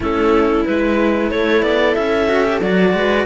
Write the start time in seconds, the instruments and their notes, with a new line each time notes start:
0.00 cello A3 C#4, viola E4, clarinet A4
0.65 cello G#3 E4, clarinet B4
1.31 cello A3, viola A4, clarinet C#5
1.62 cello B3, clarinet D5
1.95 cello C#4, clarinet E5
2.27 cello F#4
2.43 cello G4
2.61 cello F#3 F#4, clarinet D5
2.93 cello G#3, viola B4